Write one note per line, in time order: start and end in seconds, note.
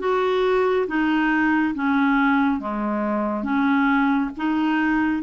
0.00 0.87 F#4
0.87 1.74 D#4
1.75 2.60 C#4
2.60 3.44 G#3
3.44 4.31 C#4
4.38 5.23 D#4